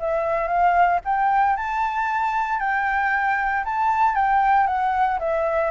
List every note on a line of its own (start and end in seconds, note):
0.00 0.48 E5
0.48 1.00 F5
1.05 1.57 G5
1.57 2.60 A5
2.60 3.64 G5
3.65 4.16 A5
4.16 4.67 G5
4.67 5.19 F#5
5.20 5.71 E5